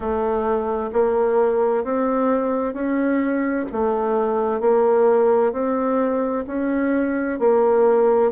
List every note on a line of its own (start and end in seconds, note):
0.00 0.90 A3
0.92 1.84 A#3
1.84 2.73 C4
2.73 3.65 C#4
3.72 4.60 A3
4.60 5.52 A#3
5.52 6.44 C4
6.47 7.39 C#4
7.39 8.31 A#3